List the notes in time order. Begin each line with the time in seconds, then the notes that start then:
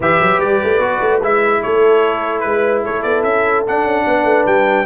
0.00 E3 G4 B4 E5
0.20 F#3
0.39 G3 D5
0.63 A3
0.78 B3 F#4
1.01 A3
1.21 G#3 E4 E5
1.63 A3 A4 C#5
2.40 G#3 B4
2.83 A3 A4 C#5
3.02 B3 D5
3.23 C#4 E5
3.66 D4 F#5
3.83 C#4
4.06 B3 B4
4.24 A3
4.46 G3 G5